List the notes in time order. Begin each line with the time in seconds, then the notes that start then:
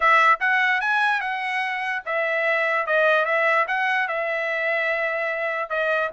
0.00 E5
0.40 F#5
0.80 G#5
1.21 F#5
2.05 E5
2.86 D#5
3.25 E5
3.67 F#5
4.08 E5
5.69 D#5